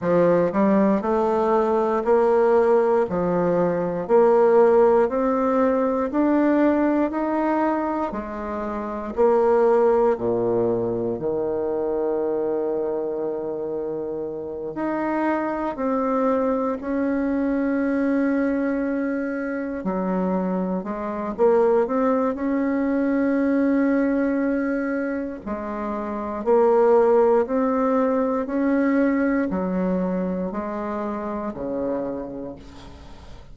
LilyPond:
\new Staff \with { instrumentName = "bassoon" } { \time 4/4 \tempo 4 = 59 f8 g8 a4 ais4 f4 | ais4 c'4 d'4 dis'4 | gis4 ais4 ais,4 dis4~ | dis2~ dis8 dis'4 c'8~ |
c'8 cis'2. fis8~ | fis8 gis8 ais8 c'8 cis'2~ | cis'4 gis4 ais4 c'4 | cis'4 fis4 gis4 cis4 | }